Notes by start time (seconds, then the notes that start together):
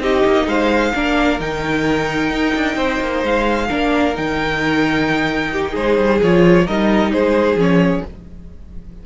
0.00 C4 D#4 G4 D#5
0.26 A#3
0.47 G#3 C5 F5
0.95 A#3 D4 A#4
1.40 D#3 D#4 G5
2.31 D#4
2.55 D4
2.76 C4 C5
3.01 A#3
3.24 G#3 F5
3.69 A#3 D4 A#4
4.15 D#3 D#4 G5
5.52 G4
5.72 G#3 G#4 C5
5.98 G3
6.22 F3 F4 C#5
6.67 G3 D#4 A#4 D#5
7.13 G#3 G#4 C5
7.56 F3 C#4 C#5